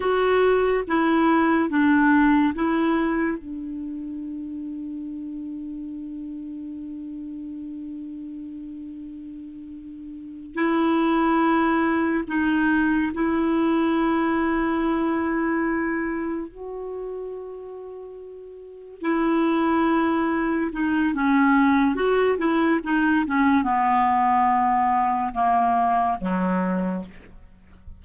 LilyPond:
\new Staff \with { instrumentName = "clarinet" } { \time 4/4 \tempo 4 = 71 fis'4 e'4 d'4 e'4 | d'1~ | d'1~ | d'8 e'2 dis'4 e'8~ |
e'2.~ e'8 fis'8~ | fis'2~ fis'8 e'4.~ | e'8 dis'8 cis'4 fis'8 e'8 dis'8 cis'8 | b2 ais4 fis4 | }